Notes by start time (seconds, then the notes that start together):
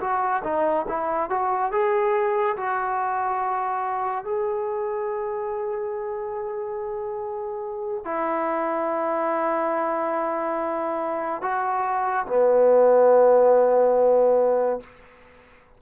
0.00 F#4
0.43 D#4
0.88 E4
1.29 F#4
1.71 G#4
2.56 F#4
4.24 G#4
8.04 E4
11.41 F#4
12.26 B3